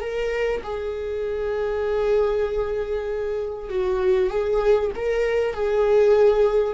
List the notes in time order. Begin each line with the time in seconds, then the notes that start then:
0.00 A#4
0.63 G#4
3.69 F#4
4.29 G#4
4.95 A#4
5.53 G#4